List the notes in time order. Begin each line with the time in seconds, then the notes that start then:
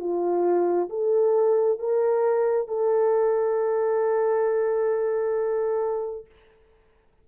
0.00 F4
0.90 A4
1.79 A#4
2.68 A4